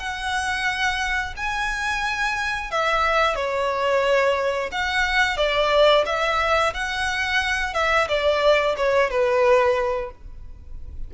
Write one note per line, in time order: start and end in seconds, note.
0.00 1.35 F#5
1.37 2.72 G#5
2.72 3.36 E5
3.36 4.71 C#5
4.72 5.37 F#5
5.37 6.05 D5
6.06 6.74 E5
6.74 7.74 F#5
7.74 8.08 E5
8.09 8.76 D5
8.77 9.10 C#5
9.10 10.12 B4